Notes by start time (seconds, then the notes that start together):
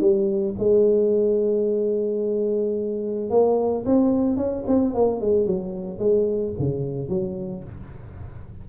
0.00 G3
0.59 G#3
3.30 A#3
3.85 C4
4.37 C#4
4.67 C4
4.94 A#3
5.20 G#3
5.46 F#3
5.99 G#3
6.59 C#3
7.09 F#3